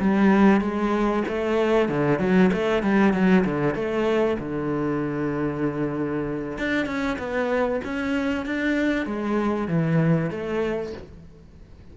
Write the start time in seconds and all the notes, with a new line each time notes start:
0.00 G3
0.61 G#3
1.28 A3
1.89 D3
2.20 F#3
2.53 A3
2.83 G3
3.13 F#3
3.45 D3
3.75 A3
4.39 D3
6.58 D4
6.86 C#4
7.19 B3
7.85 C#4
8.46 D4
9.06 G#3
9.68 E3
10.31 A3